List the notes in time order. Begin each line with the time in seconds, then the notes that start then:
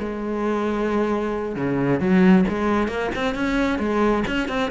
0.00 G#3
1.56 C#3
2.00 F#3
2.49 G#3
2.88 A#3
3.16 C4
3.35 C#4
3.79 G#3
4.28 C#4
4.49 C4